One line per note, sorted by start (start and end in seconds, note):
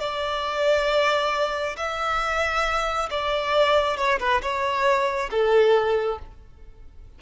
0.00 1.76 D5
1.77 3.10 E5
3.10 3.97 D5
3.97 4.19 C#5
4.20 4.42 B4
4.42 5.30 C#5
5.31 6.19 A4